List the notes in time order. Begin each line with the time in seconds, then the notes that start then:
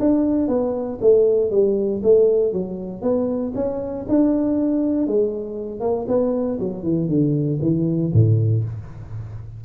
0.00 D4
0.48 B3
1.01 A3
1.51 G3
2.03 A3
2.53 F#3
3.02 B3
3.55 C#4
4.09 D4
5.07 G#3
5.81 A#3
6.08 B3
6.60 F#3
6.83 E3
7.09 D3
7.62 E3
8.13 A2